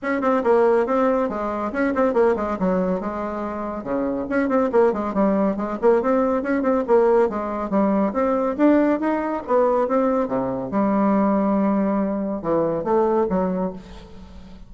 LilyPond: \new Staff \with { instrumentName = "bassoon" } { \time 4/4 \tempo 4 = 140 cis'8 c'8 ais4 c'4 gis4 | cis'8 c'8 ais8 gis8 fis4 gis4~ | gis4 cis4 cis'8 c'8 ais8 gis8 | g4 gis8 ais8 c'4 cis'8 c'8 |
ais4 gis4 g4 c'4 | d'4 dis'4 b4 c'4 | c4 g2.~ | g4 e4 a4 fis4 | }